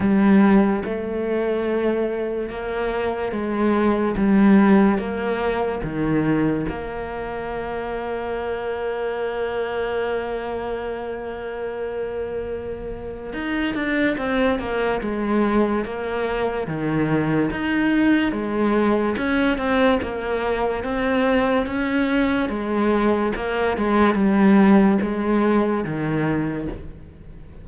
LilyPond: \new Staff \with { instrumentName = "cello" } { \time 4/4 \tempo 4 = 72 g4 a2 ais4 | gis4 g4 ais4 dis4 | ais1~ | ais1 |
dis'8 d'8 c'8 ais8 gis4 ais4 | dis4 dis'4 gis4 cis'8 c'8 | ais4 c'4 cis'4 gis4 | ais8 gis8 g4 gis4 dis4 | }